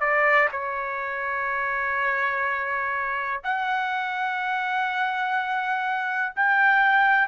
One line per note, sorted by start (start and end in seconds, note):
0.00 0.48 D5
0.51 3.42 C#5
3.44 6.34 F#5
6.36 7.28 G5